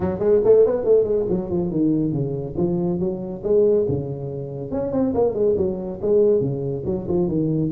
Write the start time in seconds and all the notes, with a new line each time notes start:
0.00 F#3
0.19 G#3
0.44 A3
0.65 B3
0.84 A3
1.04 G#3
1.29 F#3
1.50 F3
1.70 D#3
2.12 C#3
2.57 F3
2.99 F#3
3.43 G#3
3.88 C#3
4.71 C#4
4.92 C4
5.14 A#3
5.34 G#3
5.57 F#3
6.01 G#3
6.40 C#3
6.85 F#3
7.07 F3
7.28 D#3